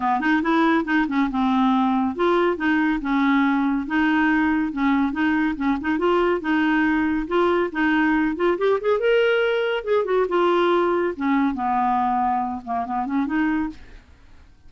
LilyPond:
\new Staff \with { instrumentName = "clarinet" } { \time 4/4 \tempo 4 = 140 b8 dis'8 e'4 dis'8 cis'8 c'4~ | c'4 f'4 dis'4 cis'4~ | cis'4 dis'2 cis'4 | dis'4 cis'8 dis'8 f'4 dis'4~ |
dis'4 f'4 dis'4. f'8 | g'8 gis'8 ais'2 gis'8 fis'8 | f'2 cis'4 b4~ | b4. ais8 b8 cis'8 dis'4 | }